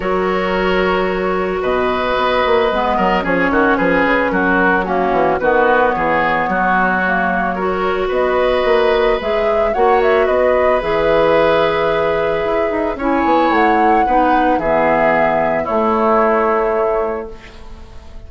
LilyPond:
<<
  \new Staff \with { instrumentName = "flute" } { \time 4/4 \tempo 4 = 111 cis''2. dis''4~ | dis''2 cis''4 b'4 | ais'4 fis'4 b'4 cis''4~ | cis''2. dis''4~ |
dis''4 e''4 fis''8 e''8 dis''4 | e''1 | gis''4 fis''2 e''4~ | e''4 cis''2. | }
  \new Staff \with { instrumentName = "oboe" } { \time 4/4 ais'2. b'4~ | b'4. ais'8 gis'8 fis'8 gis'4 | fis'4 cis'4 fis'4 gis'4 | fis'2 ais'4 b'4~ |
b'2 cis''4 b'4~ | b'1 | cis''2 b'4 gis'4~ | gis'4 e'2. | }
  \new Staff \with { instrumentName = "clarinet" } { \time 4/4 fis'1~ | fis'4 b4 cis'2~ | cis'4 ais4 b2~ | b4 ais4 fis'2~ |
fis'4 gis'4 fis'2 | gis'1 | e'2 dis'4 b4~ | b4 a2. | }
  \new Staff \with { instrumentName = "bassoon" } { \time 4/4 fis2. b,4 | b8 ais8 gis8 fis8 f8 dis8 f8 cis8 | fis4. e8 dis4 e4 | fis2. b4 |
ais4 gis4 ais4 b4 | e2. e'8 dis'8 | cis'8 b8 a4 b4 e4~ | e4 a2. | }
>>